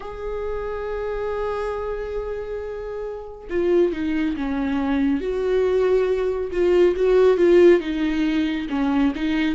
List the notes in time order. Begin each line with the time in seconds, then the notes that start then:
0.00 G#4
3.49 F4
3.92 D#4
4.36 C#4
5.20 F#4
6.51 F4
6.96 F#4
7.37 F4
7.80 D#4
8.70 C#4
9.15 D#4